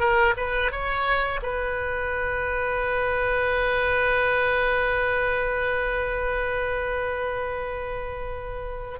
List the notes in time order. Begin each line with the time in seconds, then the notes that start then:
0.00 A#4
0.37 B4
0.72 C#5
1.43 B4